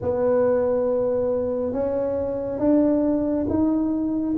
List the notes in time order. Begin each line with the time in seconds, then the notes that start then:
0.01 B3
1.72 C#4
2.58 D4
3.49 D#4